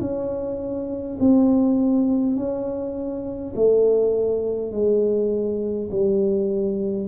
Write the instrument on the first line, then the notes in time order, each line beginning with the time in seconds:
tuba
0.00 C#4
1.20 C4
2.36 C#4
3.55 A3
4.72 G#3
5.91 G3